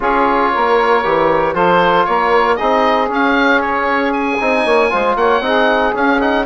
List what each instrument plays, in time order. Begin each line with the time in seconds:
0.00 bassoon C#4, trombone F4, saxophone G#4, oboe C#5
0.53 bassoon A#3, saxophone A#4
1.03 bassoon E3, trombone G4
1.53 bassoon F3, trombone F4, saxophone A4, oboe C5
2.05 bassoon A#3, saxophone A#4, oboe C#5
2.55 bassoon C4, trombone D#4, saxophone G#4, oboe D#5
3.08 trombone C#4, bassoon C#4, oboe F5
3.61 oboe C#5
4.12 oboe G#5
4.40 bassoon C4, trombone D#4
4.64 bassoon A#3, saxophone C#5
4.90 bassoon G#3, trombone F4, saxophone C5
5.15 bassoon A#3, saxophone C#5, oboe F#5
5.40 bassoon C4, trombone D#4, saxophone G#4
5.93 trombone C#4, bassoon C#4, oboe F5
6.20 trombone D#4, oboe F#5